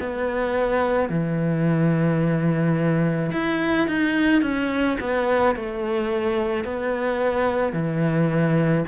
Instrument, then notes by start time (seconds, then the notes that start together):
cello
0.00 B3
1.09 E3
3.32 E4
3.88 D#4
4.42 C#4
5.00 B3
5.56 A3
6.65 B3
7.73 E3